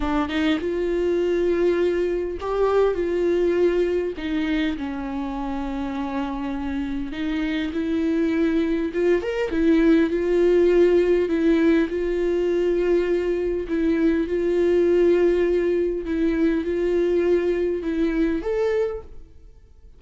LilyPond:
\new Staff \with { instrumentName = "viola" } { \time 4/4 \tempo 4 = 101 d'8 dis'8 f'2. | g'4 f'2 dis'4 | cis'1 | dis'4 e'2 f'8 ais'8 |
e'4 f'2 e'4 | f'2. e'4 | f'2. e'4 | f'2 e'4 a'4 | }